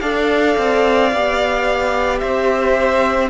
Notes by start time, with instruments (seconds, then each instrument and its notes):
0.00 cello D4, viola A4, violin D5 F5
0.57 cello C4
1.12 cello B3, viola G4
2.19 cello C4, violin C5 E5